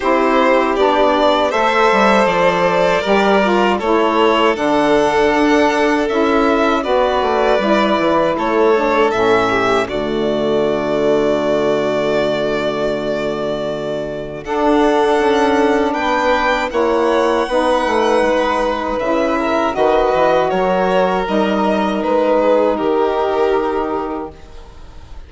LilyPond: <<
  \new Staff \with { instrumentName = "violin" } { \time 4/4 \tempo 4 = 79 c''4 d''4 e''4 d''4~ | d''4 cis''4 fis''2 | e''4 d''2 cis''4 | e''4 d''2.~ |
d''2. fis''4~ | fis''4 g''4 fis''2~ | fis''4 e''4 dis''4 cis''4 | dis''4 b'4 ais'2 | }
  \new Staff \with { instrumentName = "violin" } { \time 4/4 g'2 c''2 | ais'4 a'2.~ | a'4 b'2 a'4~ | a'8 g'8 fis'2.~ |
fis'2. a'4~ | a'4 b'4 cis''4 b'4~ | b'4. ais'8 b'4 ais'4~ | ais'4. gis'8 g'2 | }
  \new Staff \with { instrumentName = "saxophone" } { \time 4/4 e'4 d'4 a'2 | g'8 f'8 e'4 d'2 | e'4 fis'4 e'4. d'8 | cis'4 a2.~ |
a2. d'4~ | d'2 e'4 dis'4~ | dis'4 e'4 fis'2 | dis'1 | }
  \new Staff \with { instrumentName = "bassoon" } { \time 4/4 c'4 b4 a8 g8 f4 | g4 a4 d4 d'4 | cis'4 b8 a8 g8 e8 a4 | a,4 d2.~ |
d2. d'4 | cis'4 b4 ais4 b8 a8 | gis4 cis4 dis8 e8 fis4 | g4 gis4 dis2 | }
>>